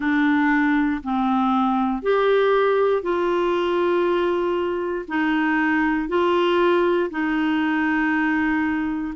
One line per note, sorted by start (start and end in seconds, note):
0.00 1.01 D4
1.03 2.02 C4
2.02 3.02 G4
3.02 5.05 F4
5.08 6.08 D#4
6.08 7.10 F4
7.10 9.13 D#4